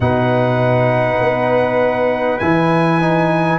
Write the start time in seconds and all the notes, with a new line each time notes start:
0.00 B2 D#4 B4 F#5
1.20 B3
2.38 E3 E4 G#5
3.00 D#4